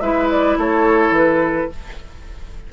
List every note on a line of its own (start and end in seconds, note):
0.00 0.56 G#3
0.00 1.70 E4
0.00 0.57 B4
0.00 0.28 E5
0.30 0.58 D5
0.57 1.10 A3
0.57 1.71 A4
0.57 1.16 C#5
1.10 1.66 E3
1.16 1.72 B4